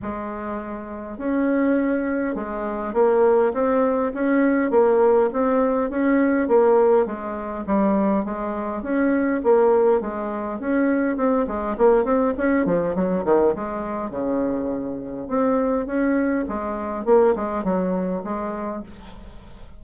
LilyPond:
\new Staff \with { instrumentName = "bassoon" } { \time 4/4 \tempo 4 = 102 gis2 cis'2 | gis4 ais4 c'4 cis'4 | ais4 c'4 cis'4 ais4 | gis4 g4 gis4 cis'4 |
ais4 gis4 cis'4 c'8 gis8 | ais8 c'8 cis'8 f8 fis8 dis8 gis4 | cis2 c'4 cis'4 | gis4 ais8 gis8 fis4 gis4 | }